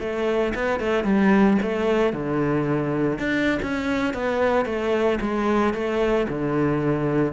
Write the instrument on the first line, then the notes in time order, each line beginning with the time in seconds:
cello
0.00 A3
0.55 B3
0.80 A3
1.04 G3
1.62 A3
2.13 D3
3.19 D4
3.62 C#4
4.14 B3
4.65 A3
5.21 G#3
5.74 A3
6.28 D3